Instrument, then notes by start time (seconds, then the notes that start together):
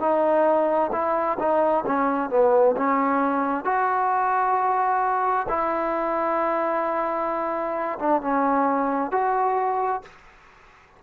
trombone
0.00 D#4
0.93 E4
1.39 D#4
1.87 C#4
2.30 B3
2.77 C#4
3.65 F#4
5.49 E4
8.00 D4
8.22 C#4
9.12 F#4